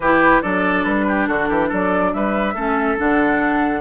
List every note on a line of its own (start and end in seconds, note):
0.00 0.41 E3
0.00 0.42 E4
0.00 0.41 G4
0.00 0.42 B4
0.41 0.85 F#3
0.41 2.55 D4
0.41 1.05 A4
0.41 0.84 D5
0.84 1.28 G3
0.84 1.26 B4
1.07 1.28 G4
1.27 1.49 D3
1.27 1.48 F#4
1.27 1.69 A4
1.48 1.70 E3
1.48 1.68 G4
1.68 2.14 F#3
1.68 2.11 A4
1.68 2.13 D5
2.13 2.54 G3
2.13 2.54 B4
2.13 2.98 E5
2.54 2.96 A3
2.54 2.97 C#4
2.54 3.80 A4
2.97 3.80 D3
2.97 3.80 D4
2.97 3.80 F#5